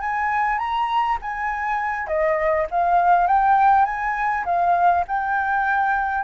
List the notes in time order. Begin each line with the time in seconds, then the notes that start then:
0.00 G#5
0.58 A#5
1.21 G#5
2.07 D#5
2.71 F5
3.27 G5
3.85 G#5
4.45 F5
5.07 G5